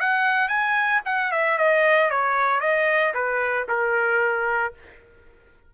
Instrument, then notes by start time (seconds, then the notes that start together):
trumpet
0.00 F#5
0.49 G#5
1.06 F#5
1.32 E5
1.58 D#5
2.10 C#5
2.61 D#5
3.14 B4
3.68 A#4